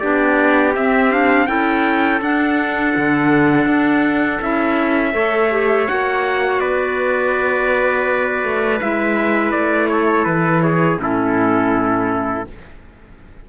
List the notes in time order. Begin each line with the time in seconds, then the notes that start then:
0.00 B3 D4 G4 D5
0.75 C4 E5
1.11 D4 F5
1.47 C#4 E4 A4 G5
2.21 D4 F#5
2.96 D3
3.66 D4
4.41 C#4 E4 E5
5.12 A3 A4 C#5
5.51 G4
5.87 A#3 F#4 F#5
6.61 B3 B4 D5
8.44 A3
8.81 G#3 E4 E5
9.52 A3 D5
9.89 A4 C#5
10.25 E3 B4
10.62 G#4 C#5
10.97 A2 C#4 E4
11.03 A4